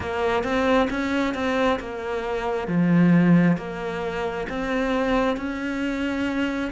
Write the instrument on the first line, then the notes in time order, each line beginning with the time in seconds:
cello
0.00 A#3
0.43 C4
0.90 C#4
1.34 C4
1.79 A#3
2.67 F3
3.57 A#3
4.49 C4
5.36 C#4